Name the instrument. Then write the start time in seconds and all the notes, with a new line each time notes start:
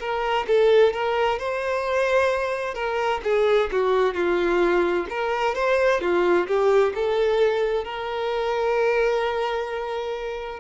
violin
0.00 A#4
0.47 A4
0.94 A#4
1.39 C5
2.74 A#4
3.24 G#4
3.72 F#4
4.14 F4
5.10 A#4
5.55 C5
6.01 F4
6.47 G4
6.95 A4
7.85 A#4